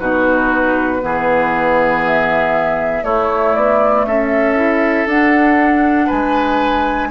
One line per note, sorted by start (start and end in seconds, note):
0.00 1.02 B2
0.00 1.00 D#4
0.00 1.02 F#4
0.00 2.03 B4
1.00 3.03 E3
1.00 3.04 B3
1.00 3.04 G#4
2.06 3.04 E5
3.03 3.54 A3
3.03 4.56 A3
3.03 4.06 E4
3.03 3.55 C#5
3.55 4.07 B3
3.55 4.06 D5
4.07 5.06 C#4
4.07 6.07 A4
4.07 5.08 E5
4.56 5.07 E4
5.06 6.08 D4
5.06 7.11 D4
5.06 6.10 F#5
6.07 7.11 G#3
6.07 7.08 B4
6.07 7.11 G#5